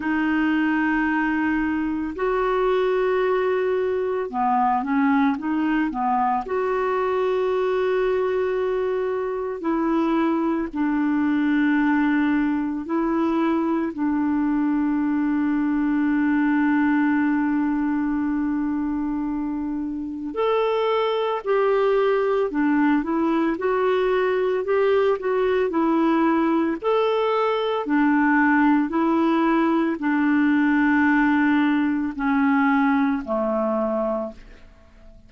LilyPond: \new Staff \with { instrumentName = "clarinet" } { \time 4/4 \tempo 4 = 56 dis'2 fis'2 | b8 cis'8 dis'8 b8 fis'2~ | fis'4 e'4 d'2 | e'4 d'2.~ |
d'2. a'4 | g'4 d'8 e'8 fis'4 g'8 fis'8 | e'4 a'4 d'4 e'4 | d'2 cis'4 a4 | }